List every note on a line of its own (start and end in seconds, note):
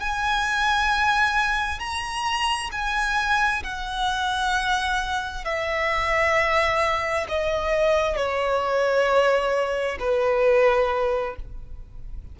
0.00 1.79 G#5
1.79 2.70 A#5
2.72 3.63 G#5
3.63 5.45 F#5
5.45 7.26 E5
7.29 8.16 D#5
8.16 9.98 C#5
9.99 11.36 B4